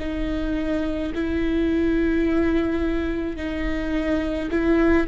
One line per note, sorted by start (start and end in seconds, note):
0.00 1.13 D#4
1.14 3.37 E4
3.37 4.50 D#4
4.51 5.07 E4